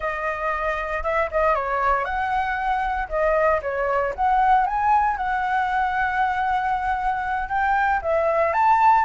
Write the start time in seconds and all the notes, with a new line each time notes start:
0.00 D#5
1.03 E5
1.31 D#5
1.54 C#5
2.04 F#5
3.08 D#5
3.62 C#5
4.15 F#5
4.66 G#5
5.16 F#5
7.49 G5
8.01 E5
8.53 A5